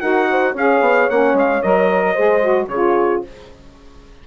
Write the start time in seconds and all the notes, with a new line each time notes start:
0.00 D#4 F#4 A#4 F#5
0.30 C5
0.52 C#4 G#4 C#5 F5
0.80 B3
1.10 A#3 C#4 F#5
1.34 G#3 F5
1.62 F#3 A#4 D#5
2.13 G#4 C5
2.19 G#3
2.41 F#4
2.67 C#3 G#4 C#5
2.73 F4